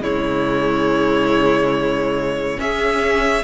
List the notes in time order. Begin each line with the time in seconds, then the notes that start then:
0.00 C#3 G#3 E4 C#5
2.57 C#4 G#4 E5